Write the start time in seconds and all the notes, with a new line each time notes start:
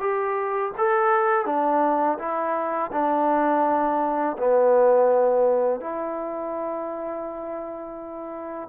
0.00 G4
0.78 A4
1.46 D4
2.19 E4
2.92 D4
4.38 B3
5.81 E4